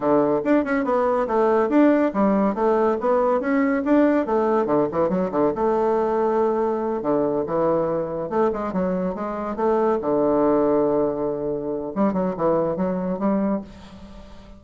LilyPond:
\new Staff \with { instrumentName = "bassoon" } { \time 4/4 \tempo 4 = 141 d4 d'8 cis'8 b4 a4 | d'4 g4 a4 b4 | cis'4 d'4 a4 d8 e8 | fis8 d8 a2.~ |
a8 d4 e2 a8 | gis8 fis4 gis4 a4 d8~ | d1 | g8 fis8 e4 fis4 g4 | }